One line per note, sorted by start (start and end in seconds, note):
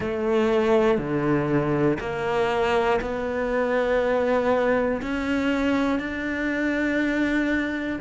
0.00 0.98 A3
0.98 1.98 D3
2.00 3.00 A#3
3.00 5.00 B3
5.02 5.99 C#4
5.99 7.99 D4